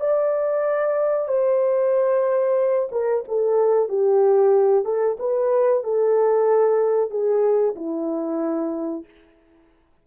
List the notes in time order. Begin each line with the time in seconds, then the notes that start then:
0.00 D5
1.28 C5
2.91 A#4
3.28 A4
3.89 G4
4.85 A4
5.19 B4
5.83 A4
7.10 G#4
7.75 E4